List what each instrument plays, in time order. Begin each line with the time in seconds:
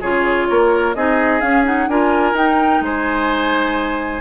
0.00 bassoon C#3, clarinet F4, oboe G#4, flute C#5
0.50 bassoon A#3, oboe A#4
0.94 bassoon C4, clarinet D#4, oboe G#4, flute D#5
1.41 bassoon C#4, clarinet C#4, flute F5
1.64 clarinet D#4, flute F#5
1.87 bassoon D4, clarinet F4, oboe A#4, flute G#5
2.33 bassoon D#4, clarinet D#4, flute G5
2.81 bassoon G#3, oboe C5, flute G#5